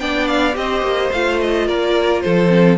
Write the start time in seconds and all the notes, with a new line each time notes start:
0.00 B3 D4 D5 G5
0.27 F5
0.53 C4 G4 C5 D#5
0.82 A#3
1.12 A3 F4 F5
1.40 D#5
1.67 A#3 A#4 D5
2.21 F3 A4 C5
2.48 C4